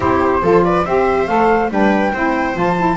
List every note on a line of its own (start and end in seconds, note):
0.00 0.42 C4
0.00 0.41 E4
0.00 0.42 G4
0.00 0.63 C5
0.42 0.85 F3
0.42 0.85 F4
0.42 0.63 A4
0.63 0.86 B4
0.63 0.85 D5
0.85 1.27 C4
0.85 1.27 G4
0.85 1.71 C5
0.85 1.27 E5
1.27 1.70 A3
1.27 1.69 A4
1.27 1.70 F5
1.70 2.12 G3
1.70 2.12 D4
1.70 2.13 B4
1.70 2.57 G5
2.13 2.55 C4
2.13 2.54 E4
2.13 2.96 C5
2.54 2.96 F3
2.54 2.75 F4
2.54 2.96 A5
2.77 2.96 E4